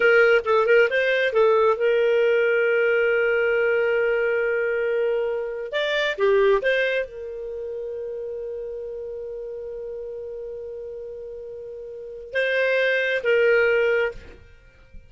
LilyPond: \new Staff \with { instrumentName = "clarinet" } { \time 4/4 \tempo 4 = 136 ais'4 a'8 ais'8 c''4 a'4 | ais'1~ | ais'1~ | ais'4 d''4 g'4 c''4 |
ais'1~ | ais'1~ | ais'1 | c''2 ais'2 | }